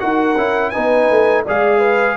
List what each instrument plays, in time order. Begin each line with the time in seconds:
0.00 tuba D#4, trombone F#4, horn A#4, trumpet F#5
0.36 tuba C#4, trombone E4
0.70 trombone D#4, horn B4, trumpet G#5
0.77 tuba B3
1.11 tuba A3
1.45 tuba G#3, trombone G#4, horn D5, trumpet F5
1.79 horn B4